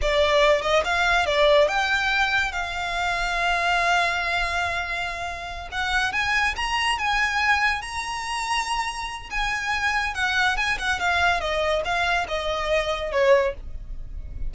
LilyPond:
\new Staff \with { instrumentName = "violin" } { \time 4/4 \tempo 4 = 142 d''4. dis''8 f''4 d''4 | g''2 f''2~ | f''1~ | f''4. fis''4 gis''4 ais''8~ |
ais''8 gis''2 ais''4.~ | ais''2 gis''2 | fis''4 gis''8 fis''8 f''4 dis''4 | f''4 dis''2 cis''4 | }